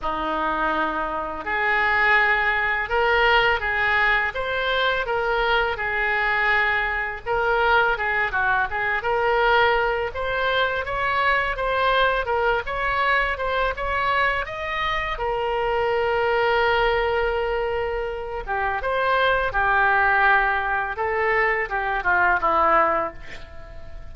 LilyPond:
\new Staff \with { instrumentName = "oboe" } { \time 4/4 \tempo 4 = 83 dis'2 gis'2 | ais'4 gis'4 c''4 ais'4 | gis'2 ais'4 gis'8 fis'8 | gis'8 ais'4. c''4 cis''4 |
c''4 ais'8 cis''4 c''8 cis''4 | dis''4 ais'2.~ | ais'4. g'8 c''4 g'4~ | g'4 a'4 g'8 f'8 e'4 | }